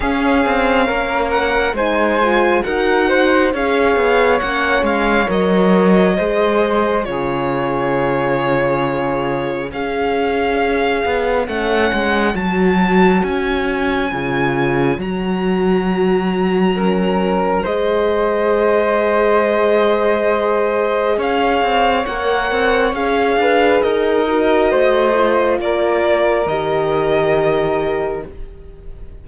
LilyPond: <<
  \new Staff \with { instrumentName = "violin" } { \time 4/4 \tempo 4 = 68 f''4. fis''8 gis''4 fis''4 | f''4 fis''8 f''8 dis''2 | cis''2. f''4~ | f''4 fis''4 a''4 gis''4~ |
gis''4 ais''2. | dis''1 | f''4 fis''4 f''4 dis''4~ | dis''4 d''4 dis''2 | }
  \new Staff \with { instrumentName = "flute" } { \time 4/4 gis'4 ais'4 c''4 ais'8 c''8 | cis''2. c''4 | gis'2. cis''4~ | cis''1~ |
cis''2. ais'4 | c''1 | cis''2~ cis''8 b'8 ais'4 | c''4 ais'2. | }
  \new Staff \with { instrumentName = "horn" } { \time 4/4 cis'2 dis'8 f'8 fis'4 | gis'4 cis'4 ais'4 gis'4 | f'2. gis'4~ | gis'4 cis'4 fis'2 |
f'4 fis'2 cis'4 | gis'1~ | gis'4 ais'4 gis'4. fis'8~ | fis'8 f'4. g'2 | }
  \new Staff \with { instrumentName = "cello" } { \time 4/4 cis'8 c'8 ais4 gis4 dis'4 | cis'8 b8 ais8 gis8 fis4 gis4 | cis2. cis'4~ | cis'8 b8 a8 gis8 fis4 cis'4 |
cis4 fis2. | gis1 | cis'8 c'8 ais8 c'8 cis'8 d'8 dis'4 | a4 ais4 dis2 | }
>>